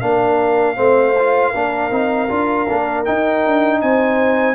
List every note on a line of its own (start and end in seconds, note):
0.00 0.77 A#3
0.00 0.76 D4
0.00 0.76 A#4
0.00 3.04 F5
0.76 1.53 A3
0.76 1.14 C4
0.76 1.50 C5
1.18 1.54 F4
1.50 1.91 A#3
1.50 1.90 D4
1.50 3.78 A#4
1.90 2.28 C4
1.90 2.28 D#4
2.28 2.68 D4
2.28 2.66 F4
2.69 3.07 A#3
2.69 3.05 D4
3.05 4.55 D#4
3.05 3.46 D#4
3.05 3.81 G5
3.46 3.82 D4
3.81 4.55 C4
3.81 4.55 C5
3.81 4.55 G#5